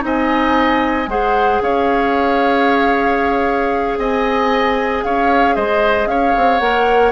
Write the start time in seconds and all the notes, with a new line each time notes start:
0.00 C4 D#4 D#5 G#5
1.07 G#3 G#4 C5 F#5
1.61 C#4 C#5 F5
3.98 C4 D#5 G#5
5.04 C#4 C#5 F5
5.55 G#3 C5 D#5
6.06 C#4 C#5 F5
6.36 C4
6.59 A#3 A#4 F#5